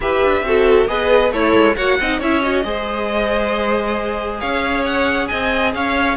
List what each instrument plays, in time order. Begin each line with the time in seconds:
0.00 cello E4, viola G4, violin B4 E5
0.23 cello D4
0.42 cello C4, viola F#4, violin A4
0.87 cello B3, viola G#4, violin B4 D#5
1.31 cello A3, violin E4 C#5, viola A4
1.54 cello G#3
1.76 cello A#3, viola F#4, violin C#5 F#5
2.00 cello C4, viola D#4, violin D#5
2.19 cello C#4, viola E4, violin C#5 E5
2.42 viola F#4, violin D#5
2.64 cello G#3, viola G#4, violin C5
4.40 cello C#4, violin C#5 F5
4.85 violin F#5
5.27 cello C4, violin D#5 G#5
5.74 cello C#4, violin C#5 F5